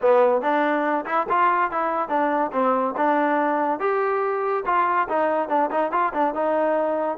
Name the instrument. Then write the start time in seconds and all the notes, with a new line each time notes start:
trombone
0.01 B3
0.41 D4
1.05 E4
1.29 F4
1.71 E4
2.09 D4
2.52 C4
2.97 D4
3.79 G4
4.65 F4
5.08 D#4
5.48 D4
5.70 D#4
5.91 F4
6.13 D4
6.34 D#4